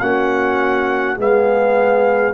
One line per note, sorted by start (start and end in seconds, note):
0.00 1.18 A#3
0.00 1.17 C#4
0.00 1.17 F#4
0.00 1.18 F#5
1.17 2.34 G#3
1.17 2.34 B3
1.17 2.34 G#4
1.17 2.34 F5